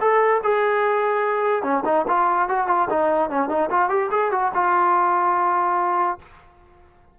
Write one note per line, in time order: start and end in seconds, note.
0.00 0.41 A4
0.43 1.63 G#4
1.63 1.83 C#4
1.85 2.05 D#4
2.08 2.48 F4
2.48 2.67 F#4
2.67 2.88 F4
2.89 3.30 D#4
3.30 3.49 C#4
3.49 3.69 D#4
3.70 3.89 F4
3.89 4.10 G4
4.11 4.31 G#4
4.31 4.51 F#4
4.54 6.18 F4